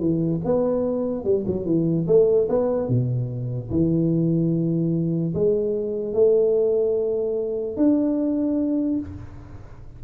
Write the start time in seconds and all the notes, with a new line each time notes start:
0.00 E3
0.45 B3
1.24 G3
1.47 F#3
1.66 E3
2.07 A3
2.49 B3
2.88 B2
3.70 E3
5.34 G#3
6.14 A3
7.77 D4